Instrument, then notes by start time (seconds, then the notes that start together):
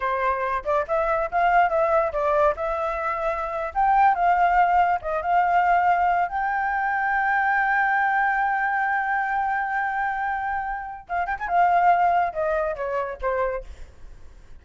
flute
0.00 C5
0.64 D5
0.87 E5
1.31 F5
1.69 E5
2.12 D5
2.56 E5
3.74 G5
4.14 F5
5.01 D#5
5.21 F5
6.28 G5
11.09 F5
11.26 G5
11.39 G#5
11.48 F5
12.33 D#5
12.75 C#5
13.21 C5